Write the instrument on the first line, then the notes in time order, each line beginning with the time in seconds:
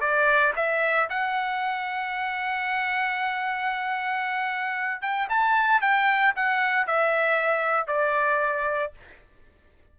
trumpet
0.00 D5
0.56 E5
1.09 F#5
5.01 G5
5.29 A5
5.81 G5
6.35 F#5
6.87 E5
7.87 D5